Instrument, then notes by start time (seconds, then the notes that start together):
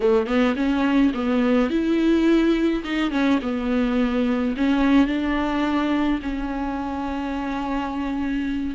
viola
0.00 A3
0.26 B3
0.56 C#4
1.13 B3
1.70 E4
2.84 D#4
3.11 C#4
3.42 B3
4.56 C#4
5.07 D4
6.22 C#4